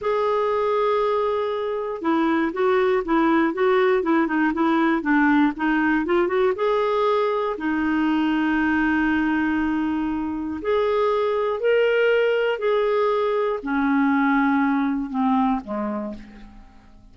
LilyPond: \new Staff \with { instrumentName = "clarinet" } { \time 4/4 \tempo 4 = 119 gis'1 | e'4 fis'4 e'4 fis'4 | e'8 dis'8 e'4 d'4 dis'4 | f'8 fis'8 gis'2 dis'4~ |
dis'1~ | dis'4 gis'2 ais'4~ | ais'4 gis'2 cis'4~ | cis'2 c'4 gis4 | }